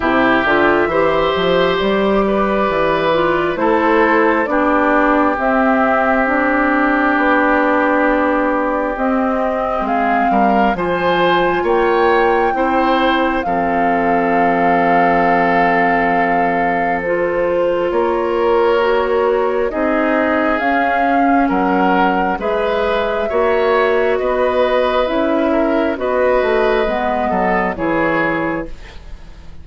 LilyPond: <<
  \new Staff \with { instrumentName = "flute" } { \time 4/4 \tempo 4 = 67 e''2 d''2 | c''4 d''4 e''4 d''4~ | d''2 dis''4 f''4 | gis''4 g''2 f''4~ |
f''2. c''4 | cis''2 dis''4 f''4 | fis''4 e''2 dis''4 | e''4 dis''2 cis''4 | }
  \new Staff \with { instrumentName = "oboe" } { \time 4/4 g'4 c''4. b'4. | a'4 g'2.~ | g'2. gis'8 ais'8 | c''4 cis''4 c''4 a'4~ |
a'1 | ais'2 gis'2 | ais'4 b'4 cis''4 b'4~ | b'8 ais'8 b'4. a'8 gis'4 | }
  \new Staff \with { instrumentName = "clarinet" } { \time 4/4 e'8 f'8 g'2~ g'8 f'8 | e'4 d'4 c'4 d'4~ | d'2 c'2 | f'2 e'4 c'4~ |
c'2. f'4~ | f'4 fis'4 dis'4 cis'4~ | cis'4 gis'4 fis'2 | e'4 fis'4 b4 e'4 | }
  \new Staff \with { instrumentName = "bassoon" } { \time 4/4 c8 d8 e8 f8 g4 e4 | a4 b4 c'2 | b2 c'4 gis8 g8 | f4 ais4 c'4 f4~ |
f1 | ais2 c'4 cis'4 | fis4 gis4 ais4 b4 | cis'4 b8 a8 gis8 fis8 e4 | }
>>